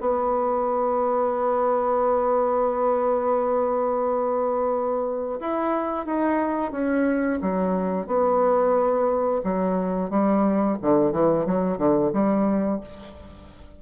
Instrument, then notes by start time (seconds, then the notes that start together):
bassoon
0.00 B3
5.40 E4
6.05 D#4
6.71 C#4
7.41 F#3
8.07 B3
9.44 F#3
10.10 G3
10.81 D3
11.12 E3
11.45 F#3
11.77 D3
12.13 G3